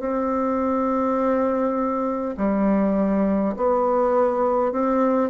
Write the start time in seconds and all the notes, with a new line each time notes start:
0.00 C4
2.37 G3
3.57 B3
4.73 C4